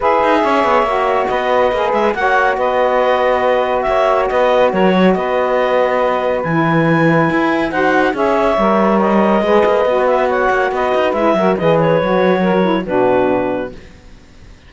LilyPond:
<<
  \new Staff \with { instrumentName = "clarinet" } { \time 4/4 \tempo 4 = 140 e''2. dis''4~ | dis''8 e''8 fis''4 dis''2~ | dis''4 e''4 dis''4 cis''4 | dis''2. gis''4~ |
gis''2 fis''4 e''4~ | e''4 dis''2~ dis''8 e''8 | fis''4 dis''4 e''4 dis''8 cis''8~ | cis''2 b'2 | }
  \new Staff \with { instrumentName = "saxophone" } { \time 4/4 b'4 cis''2 b'4~ | b'4 cis''4 b'2~ | b'4 cis''4 b'4 ais'8 cis''8 | b'1~ |
b'2 c''4 cis''4~ | cis''2 b'2 | cis''4 b'4. ais'8 b'4~ | b'4 ais'4 fis'2 | }
  \new Staff \with { instrumentName = "saxophone" } { \time 4/4 gis'2 fis'2 | gis'4 fis'2.~ | fis'1~ | fis'2. e'4~ |
e'2 fis'4 gis'4 | ais'2 gis'4 fis'4~ | fis'2 e'8 fis'8 gis'4 | fis'4. e'8 d'2 | }
  \new Staff \with { instrumentName = "cello" } { \time 4/4 e'8 dis'8 cis'8 b8 ais4 b4 | ais8 gis8 ais4 b2~ | b4 ais4 b4 fis4 | b2. e4~ |
e4 e'4 dis'4 cis'4 | g2 gis8 ais8 b4~ | b8 ais8 b8 dis'8 gis8 fis8 e4 | fis2 b,2 | }
>>